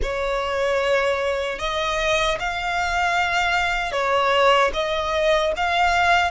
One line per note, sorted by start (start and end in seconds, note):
0.02 1.59 C#5
1.59 2.38 D#5
2.39 3.92 F5
3.92 4.71 C#5
4.73 5.52 D#5
5.56 6.31 F5